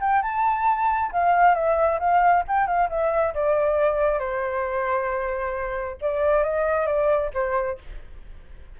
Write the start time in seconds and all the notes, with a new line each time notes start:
0.00 G5
0.22 A5
1.12 F5
1.54 E5
1.99 F5
2.47 G5
2.67 F5
2.89 E5
3.34 D5
4.19 C5
6.01 D5
6.43 D#5
6.86 D5
7.33 C5